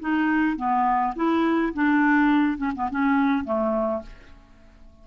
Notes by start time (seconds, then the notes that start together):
0.00 D#4
0.56 B3
1.15 E4
1.74 D4
2.58 C#4
2.75 B3
2.90 C#4
3.44 A3